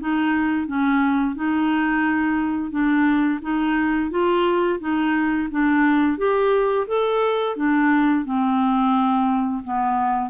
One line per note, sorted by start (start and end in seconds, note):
0.00 0.67 D#4
0.67 1.35 C#4
1.35 2.71 D#4
2.71 3.39 D4
3.42 4.10 D#4
4.10 4.79 F4
4.79 5.48 D#4
5.51 6.18 D4
6.18 6.87 G4
6.87 7.56 A4
7.56 8.25 D4
8.25 9.63 C4
9.64 10.30 B3